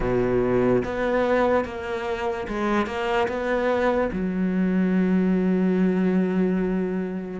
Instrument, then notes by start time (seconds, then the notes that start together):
cello
0.00 B2
0.84 B3
1.64 A#3
2.48 G#3
2.86 A#3
3.28 B3
4.12 F#3